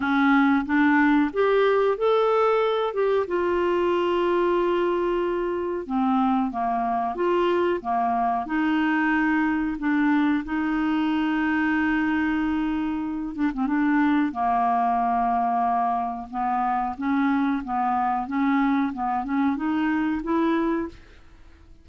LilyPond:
\new Staff \with { instrumentName = "clarinet" } { \time 4/4 \tempo 4 = 92 cis'4 d'4 g'4 a'4~ | a'8 g'8 f'2.~ | f'4 c'4 ais4 f'4 | ais4 dis'2 d'4 |
dis'1~ | dis'8 d'16 c'16 d'4 ais2~ | ais4 b4 cis'4 b4 | cis'4 b8 cis'8 dis'4 e'4 | }